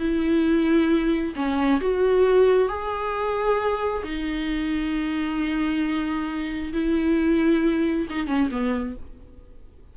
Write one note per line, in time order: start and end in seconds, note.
0.00 1.34 E4
1.36 1.81 C#4
1.81 2.69 F#4
2.69 4.03 G#4
4.04 6.73 D#4
6.73 8.08 E4
8.10 8.27 D#4
8.27 8.50 C#4
8.52 8.96 B3